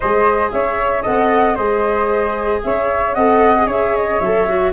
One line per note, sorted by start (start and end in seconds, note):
0.00 0.52 G#3
0.00 1.03 G#4
0.00 0.51 C5
0.00 0.51 D#5
0.51 1.05 C#4
0.51 1.02 C#5
0.51 1.03 E5
1.02 1.57 C4
1.02 1.55 A4
1.02 1.55 D#5
1.02 1.56 F#5
1.55 2.62 G#3
1.55 3.16 G#4
1.55 2.60 C5
1.55 2.61 D#5
2.63 3.15 C#4
2.63 3.14 C#5
2.63 3.13 E5
3.13 3.67 C4
3.13 3.57 A4
3.13 3.66 D#5
3.13 3.66 F#5
3.57 4.22 G#4
3.66 4.19 C#4
3.66 4.72 C#5
3.66 3.96 E5
3.96 4.19 D#5
4.19 4.73 F#3
4.19 4.48 A4
4.19 4.72 E5
4.48 4.73 F#4